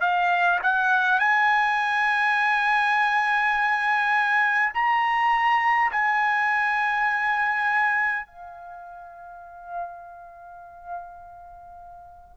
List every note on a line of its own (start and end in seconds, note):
0.00 0.59 F5
0.63 1.19 F#5
1.19 4.72 G#5
4.73 5.91 A#5
5.91 8.26 G#5
8.26 12.37 F5